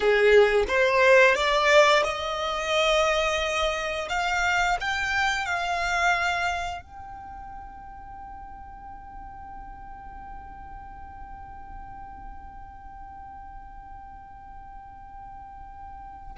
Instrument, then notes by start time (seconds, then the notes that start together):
violin
0.00 G#4
0.68 C5
1.35 D5
2.03 D#5
4.09 F5
4.80 G5
5.45 F5
6.82 G5